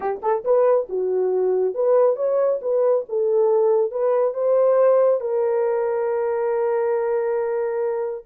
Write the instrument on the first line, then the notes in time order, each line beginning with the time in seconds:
horn
0.00 G4
0.22 A4
0.44 B4
0.89 F#4
1.74 B4
2.16 C#5
2.61 B4
3.08 A4
3.91 B4
4.33 C5
5.20 A#4